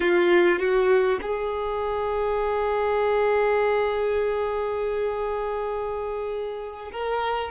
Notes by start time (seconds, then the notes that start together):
0.00 F4
0.58 F#4
1.21 G#4
6.92 A#4